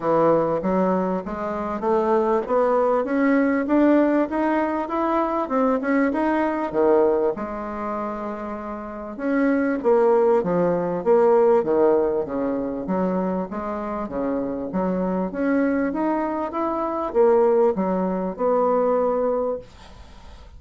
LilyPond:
\new Staff \with { instrumentName = "bassoon" } { \time 4/4 \tempo 4 = 98 e4 fis4 gis4 a4 | b4 cis'4 d'4 dis'4 | e'4 c'8 cis'8 dis'4 dis4 | gis2. cis'4 |
ais4 f4 ais4 dis4 | cis4 fis4 gis4 cis4 | fis4 cis'4 dis'4 e'4 | ais4 fis4 b2 | }